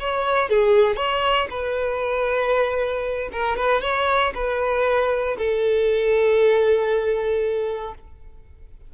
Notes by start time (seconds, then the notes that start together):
0.00 C#5
0.49 G#4
0.97 C#5
1.50 B4
3.32 A#4
3.57 B4
3.82 C#5
4.34 B4
5.38 A4